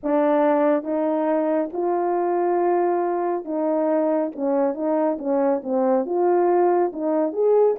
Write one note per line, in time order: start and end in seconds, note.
0.03 0.83 D4
0.83 1.69 D#4
1.72 3.45 F4
3.45 4.31 D#4
4.35 4.74 C#4
4.74 5.17 D#4
5.18 5.61 C#4
5.63 6.05 C4
6.05 6.92 F4
6.92 7.32 D#4
7.32 7.76 G#4